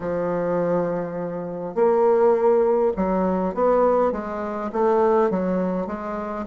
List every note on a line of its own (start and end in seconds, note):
0.00 1.75 F3
1.75 2.92 A#3
2.96 3.54 F#3
3.54 4.12 B3
4.12 4.71 G#3
4.72 5.30 A3
5.30 5.86 F#3
5.86 6.45 G#3